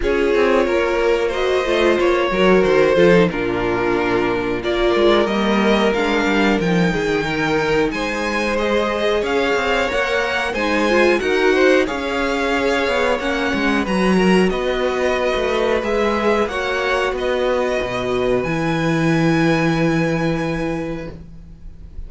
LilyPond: <<
  \new Staff \with { instrumentName = "violin" } { \time 4/4 \tempo 4 = 91 cis''2 dis''4 cis''4 | c''4 ais'2 d''4 | dis''4 f''4 g''2 | gis''4 dis''4 f''4 fis''4 |
gis''4 fis''4 f''2 | fis''4 ais''4 dis''2 | e''4 fis''4 dis''2 | gis''1 | }
  \new Staff \with { instrumentName = "violin" } { \time 4/4 gis'4 ais'4 c''4. ais'8~ | ais'8 a'8 f'2 ais'4~ | ais'2~ ais'8 gis'8 ais'4 | c''2 cis''2 |
c''4 ais'8 c''8 cis''2~ | cis''4 b'8 ais'8 b'2~ | b'4 cis''4 b'2~ | b'1 | }
  \new Staff \with { instrumentName = "viola" } { \time 4/4 f'2 fis'8 f'4 fis'8~ | fis'8 f'16 dis'16 d'2 f'4 | ais4 d'4 dis'2~ | dis'4 gis'2 ais'4 |
dis'8 f'8 fis'4 gis'2 | cis'4 fis'2. | gis'4 fis'2. | e'1 | }
  \new Staff \with { instrumentName = "cello" } { \time 4/4 cis'8 c'8 ais4. a8 ais8 fis8 | dis8 f8 ais,2 ais8 gis8 | g4 gis8 g8 f8 dis4. | gis2 cis'8 c'8 ais4 |
gis4 dis'4 cis'4. b8 | ais8 gis8 fis4 b4~ b16 a8. | gis4 ais4 b4 b,4 | e1 | }
>>